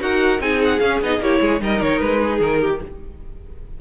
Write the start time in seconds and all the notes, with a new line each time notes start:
0.00 D#4 F#4 A#4 F#5
0.39 C4 D#4 G#4 G#5
0.64 F#5
0.79 C#4 F5
1.01 B3 D#4 D#5
1.19 A#3 E4 G4 C#5
1.40 G#3 G#4
1.60 G3 D#4 A#4 D#5
1.81 D#3 C#5
2.00 G#3 B4
2.21 G#4
2.39 D#3 A#4
2.60 G4